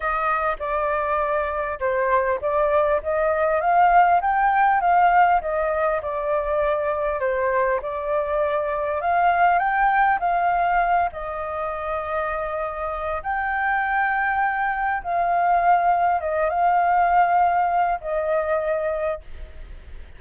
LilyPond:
\new Staff \with { instrumentName = "flute" } { \time 4/4 \tempo 4 = 100 dis''4 d''2 c''4 | d''4 dis''4 f''4 g''4 | f''4 dis''4 d''2 | c''4 d''2 f''4 |
g''4 f''4. dis''4.~ | dis''2 g''2~ | g''4 f''2 dis''8 f''8~ | f''2 dis''2 | }